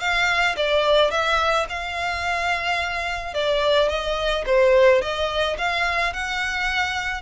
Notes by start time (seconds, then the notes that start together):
0.00 F5
0.56 D5
1.11 E5
1.69 F5
3.34 D5
3.89 D#5
4.46 C5
5.01 D#5
5.58 F5
6.13 F#5